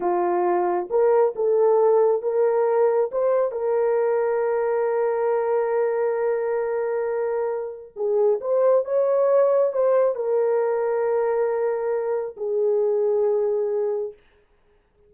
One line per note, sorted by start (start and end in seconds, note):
0.00 0.88 F4
0.89 1.34 A#4
1.35 2.22 A4
2.22 3.10 A#4
3.11 3.51 C5
3.51 7.93 A#4
7.96 8.40 G#4
8.40 8.84 C5
8.84 9.73 C#5
9.73 10.15 C5
10.15 12.35 A#4
12.36 14.13 G#4